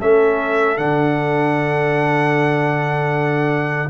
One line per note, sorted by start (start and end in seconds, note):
0.00 0.78 A3
0.00 0.77 C#4
0.00 3.90 A4
0.00 0.78 E5
0.77 3.89 D3
0.77 3.89 D4
0.77 3.89 F#5